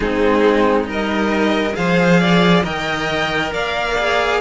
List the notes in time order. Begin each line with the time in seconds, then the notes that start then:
0.00 G#3 C4 D#4 G#4
0.84 G3 D#4 A#4
0.91 D#5
1.74 F3 G#4 C5 F5
2.20 D5
2.63 D#3 A#4 D#5 G5
3.52 A#3 D5 F5
3.98 G#4